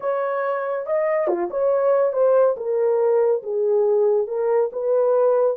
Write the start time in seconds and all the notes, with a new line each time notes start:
0.00 C#5
0.86 D#5
1.27 F4
1.50 C#5
2.13 C5
2.56 A#4
3.42 G#4
4.27 A#4
4.72 B4